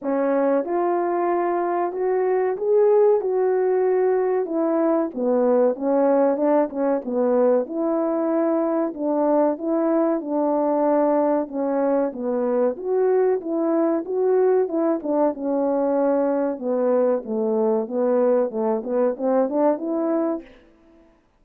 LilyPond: \new Staff \with { instrumentName = "horn" } { \time 4/4 \tempo 4 = 94 cis'4 f'2 fis'4 | gis'4 fis'2 e'4 | b4 cis'4 d'8 cis'8 b4 | e'2 d'4 e'4 |
d'2 cis'4 b4 | fis'4 e'4 fis'4 e'8 d'8 | cis'2 b4 a4 | b4 a8 b8 c'8 d'8 e'4 | }